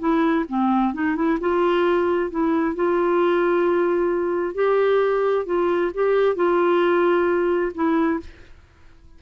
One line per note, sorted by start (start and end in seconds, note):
0.00 0.45 E4
0.49 0.94 C4
0.94 1.16 D#4
1.16 1.39 E4
1.41 2.31 F4
2.31 2.76 E4
2.76 4.55 F4
4.55 5.46 G4
5.46 5.92 F4
5.95 6.36 G4
6.36 7.73 F4
7.75 8.20 E4